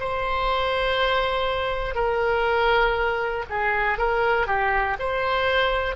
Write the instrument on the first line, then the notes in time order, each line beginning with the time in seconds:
oboe
0.00 C5
1.95 A#4
3.50 G#4
3.99 A#4
4.47 G4
4.99 C5